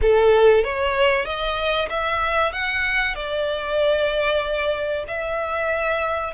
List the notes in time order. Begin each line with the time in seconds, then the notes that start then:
0.01 A4
0.63 C#5
1.25 D#5
1.89 E5
2.52 F#5
3.15 D5
5.07 E5